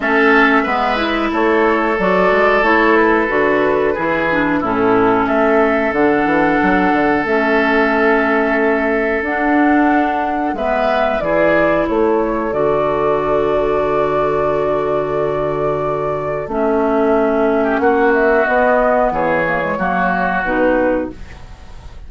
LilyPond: <<
  \new Staff \with { instrumentName = "flute" } { \time 4/4 \tempo 4 = 91 e''2 cis''4 d''4 | cis''8 b'2~ b'8 a'4 | e''4 fis''2 e''4~ | e''2 fis''2 |
e''4 d''4 cis''4 d''4~ | d''1~ | d''4 e''2 fis''8 e''8 | dis''4 cis''2 b'4 | }
  \new Staff \with { instrumentName = "oboe" } { \time 4/4 a'4 b'4 a'2~ | a'2 gis'4 e'4 | a'1~ | a'1 |
b'4 gis'4 a'2~ | a'1~ | a'2~ a'8. g'16 fis'4~ | fis'4 gis'4 fis'2 | }
  \new Staff \with { instrumentName = "clarinet" } { \time 4/4 cis'4 b8 e'4. fis'4 | e'4 fis'4 e'8 d'8 cis'4~ | cis'4 d'2 cis'4~ | cis'2 d'2 |
b4 e'2 fis'4~ | fis'1~ | fis'4 cis'2. | b4. ais16 gis16 ais4 dis'4 | }
  \new Staff \with { instrumentName = "bassoon" } { \time 4/4 a4 gis4 a4 fis8 gis8 | a4 d4 e4 a,4 | a4 d8 e8 fis8 d8 a4~ | a2 d'2 |
gis4 e4 a4 d4~ | d1~ | d4 a2 ais4 | b4 e4 fis4 b,4 | }
>>